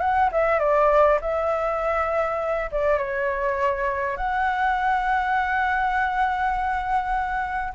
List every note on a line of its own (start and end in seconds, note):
0.00 0.30 F#5
0.32 0.59 E5
0.59 1.19 D5
1.21 2.70 E5
2.72 2.98 D5
2.98 4.17 C#5
4.17 7.73 F#5